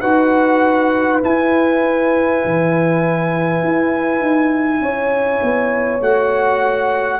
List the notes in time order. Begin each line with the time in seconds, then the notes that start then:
0.00 D#4 F#4 B4 F#5
1.21 E4 G#5
2.44 E3
3.62 E4
4.20 D#4
4.80 C#4 C#5
5.42 B3
6.00 A3 F#4 F#5